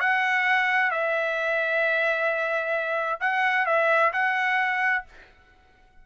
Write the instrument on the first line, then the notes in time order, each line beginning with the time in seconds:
trumpet
0.00 F#5
0.91 E5
3.20 F#5
3.66 E5
4.13 F#5